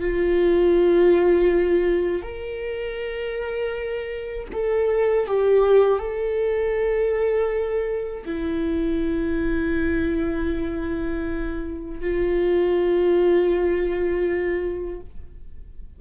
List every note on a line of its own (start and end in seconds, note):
0.00 2.22 F4
2.22 4.47 A#4
4.52 5.27 A4
5.27 5.98 G4
5.98 8.23 A4
8.25 12.00 E4
12.00 15.00 F4